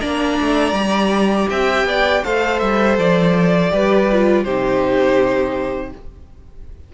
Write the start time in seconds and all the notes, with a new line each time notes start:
0.00 A#3 D4 D5 A#5
0.42 A3
0.73 G3 G4
1.50 C4 E5 G5
1.85 B3 D5
2.24 A3 A4 C5 F5
2.59 G3 E5
2.98 F3 D5
3.71 G3 G4 B4
4.13 F4
4.44 C3 D#4 G4 C5